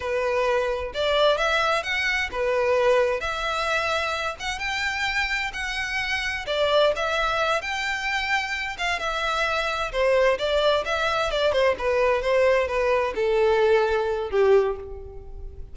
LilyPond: \new Staff \with { instrumentName = "violin" } { \time 4/4 \tempo 4 = 130 b'2 d''4 e''4 | fis''4 b'2 e''4~ | e''4. fis''8 g''2 | fis''2 d''4 e''4~ |
e''8 g''2~ g''8 f''8 e''8~ | e''4. c''4 d''4 e''8~ | e''8 d''8 c''8 b'4 c''4 b'8~ | b'8 a'2~ a'8 g'4 | }